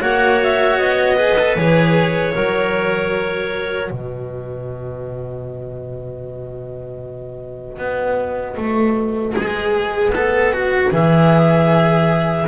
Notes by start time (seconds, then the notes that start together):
0.00 A#3 F#4 C#5 F#5
0.43 E5
0.78 B3 D#5
1.17 G#4 B4
1.39 A4
1.56 E3 G#4 C#5
2.33 F#3 F#4 A#4
3.90 B2 B4 D#5
7.78 B3
8.57 A3
9.36 G#3 G#4
10.09 B3 A4
10.53 F#4
10.91 E3 G#4 E5